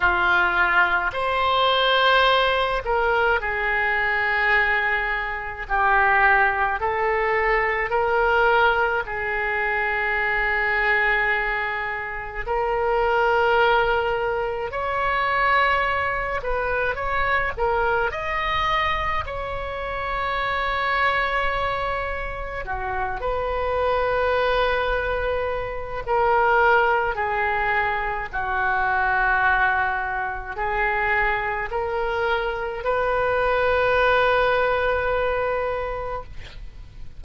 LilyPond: \new Staff \with { instrumentName = "oboe" } { \time 4/4 \tempo 4 = 53 f'4 c''4. ais'8 gis'4~ | gis'4 g'4 a'4 ais'4 | gis'2. ais'4~ | ais'4 cis''4. b'8 cis''8 ais'8 |
dis''4 cis''2. | fis'8 b'2~ b'8 ais'4 | gis'4 fis'2 gis'4 | ais'4 b'2. | }